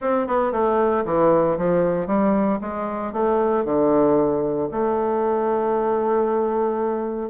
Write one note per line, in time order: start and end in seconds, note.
0.01 0.27 C4
0.27 0.52 B3
0.52 1.04 A3
1.05 1.57 E3
1.57 2.07 F3
2.07 2.59 G3
2.60 3.12 G#3
3.12 3.64 A3
3.64 4.69 D3
4.71 7.29 A3